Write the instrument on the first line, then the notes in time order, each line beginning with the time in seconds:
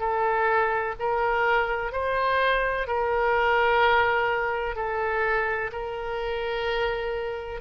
oboe
0.00 A4
1.00 A#4
1.92 C5
2.87 A#4
4.76 A4
5.72 A#4